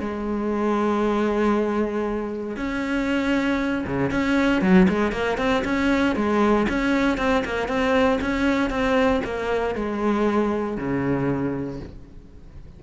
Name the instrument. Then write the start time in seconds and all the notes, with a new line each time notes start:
cello
0.00 G#3
2.56 C#4
3.86 C#3
4.11 C#4
4.62 F#3
4.89 G#3
5.12 A#3
5.38 C4
5.64 C#4
6.16 G#3
6.69 C#4
7.18 C4
7.45 A#3
7.68 C4
8.21 C#4
8.70 C4
9.24 A#3
9.75 G#3
10.77 C#3